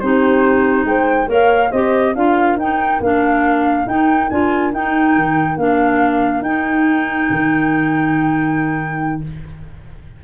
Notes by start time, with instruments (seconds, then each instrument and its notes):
0.00 tuba C4, clarinet D#4, horn G4, flute C5
0.85 tuba G#3, horn C5, flute G5
1.27 tuba A#3, clarinet A#4, horn C#5, flute F5
1.72 tuba C4, clarinet G4, horn C5, flute D#5
2.14 tuba D4, clarinet F4, horn A#4, flute F5
2.57 tuba D#4, clarinet D#4, flute G5
3.00 tuba A#3, clarinet D4, flute F5
3.87 tuba D#4, clarinet D#4, flute G5
4.30 tuba D4, clarinet F4, flute G#5
4.73 clarinet D#4, tuba D#4, flute G5
5.16 tuba D#3
5.57 tuba A#3, clarinet D4, flute F5
6.42 tuba D#4, clarinet D#4, flute G5
7.31 tuba D#3